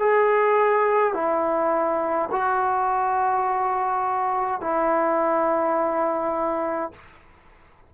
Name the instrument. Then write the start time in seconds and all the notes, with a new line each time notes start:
trombone
0.00 G#4
1.14 E4
2.31 F#4
4.61 E4